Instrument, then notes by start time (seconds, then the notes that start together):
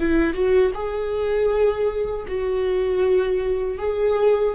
viola
0.00 E4
0.34 F#4
0.75 G#4
2.28 F#4
3.79 G#4